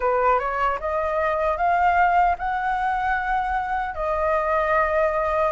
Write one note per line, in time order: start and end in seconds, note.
0.00 0.39 B4
0.39 0.79 C#5
0.79 1.57 D#5
1.57 2.36 F5
2.38 3.94 F#5
3.94 5.52 D#5